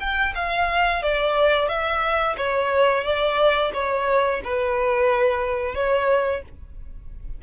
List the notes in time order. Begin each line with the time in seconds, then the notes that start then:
0.00 G5
0.35 F5
1.03 D5
1.69 E5
2.37 C#5
3.04 D5
3.74 C#5
4.44 B4
5.75 C#5